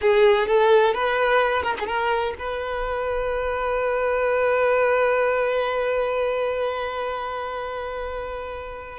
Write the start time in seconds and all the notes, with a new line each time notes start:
0.01 G#4
0.47 A4
0.93 B4
1.62 A#4
1.79 G#4
1.86 A#4
2.38 B4